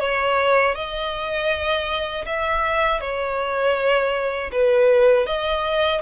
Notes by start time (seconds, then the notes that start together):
0.00 C#5
0.75 D#5
2.26 E5
3.01 C#5
4.52 B4
5.26 D#5